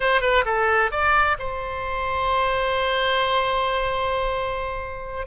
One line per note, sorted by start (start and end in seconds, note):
0.00 0.21 C5
0.21 0.44 B4
0.45 0.91 A4
0.91 1.37 D5
1.38 5.27 C5